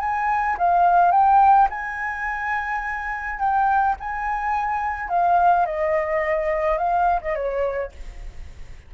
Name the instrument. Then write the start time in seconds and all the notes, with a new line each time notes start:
flute
0.00 G#5
0.58 F5
1.12 G5
1.70 G#5
3.39 G5
4.00 G#5
5.09 F5
5.66 D#5
6.78 F5
7.21 D#5
7.35 C#5